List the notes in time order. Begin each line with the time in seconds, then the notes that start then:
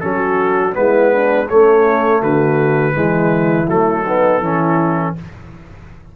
0.00 F#3 C#4 F#4 A4
0.73 G#3 B3 E4 B4
1.12 D4
1.49 A3 C#4 C#5
2.21 D3 F#4 B4
2.93 E3 G#3 E4
3.67 F#3 A3 A4
4.04 B3 D#4
4.40 E3 C#4 E4